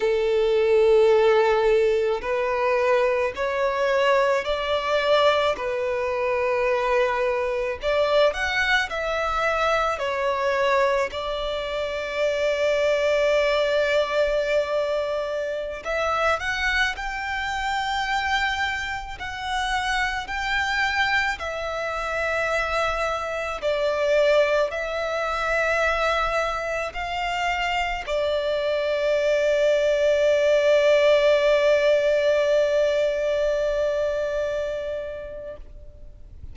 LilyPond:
\new Staff \with { instrumentName = "violin" } { \time 4/4 \tempo 4 = 54 a'2 b'4 cis''4 | d''4 b'2 d''8 fis''8 | e''4 cis''4 d''2~ | d''2~ d''16 e''8 fis''8 g''8.~ |
g''4~ g''16 fis''4 g''4 e''8.~ | e''4~ e''16 d''4 e''4.~ e''16~ | e''16 f''4 d''2~ d''8.~ | d''1 | }